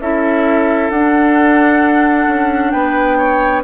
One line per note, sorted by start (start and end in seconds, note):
0.00 0.90 C#4
0.00 0.92 E4
0.00 2.73 A4
0.00 0.90 E5
0.90 2.27 D4
0.90 3.64 D4
0.90 2.72 F#5
2.28 2.73 C#4
2.72 3.64 B3
2.72 3.18 B4
2.72 3.62 G5
3.18 3.63 C#5